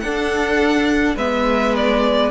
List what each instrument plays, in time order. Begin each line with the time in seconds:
0.00 cello D4, viola D4, violin A4 F#5
1.15 cello G#3, viola B3, violin B4 E5
1.76 violin D5